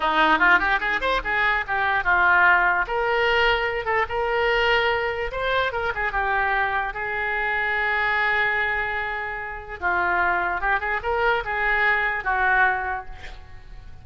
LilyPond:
\new Staff \with { instrumentName = "oboe" } { \time 4/4 \tempo 4 = 147 dis'4 f'8 g'8 gis'8 c''8 gis'4 | g'4 f'2 ais'4~ | ais'4. a'8 ais'2~ | ais'4 c''4 ais'8 gis'8 g'4~ |
g'4 gis'2.~ | gis'1 | f'2 g'8 gis'8 ais'4 | gis'2 fis'2 | }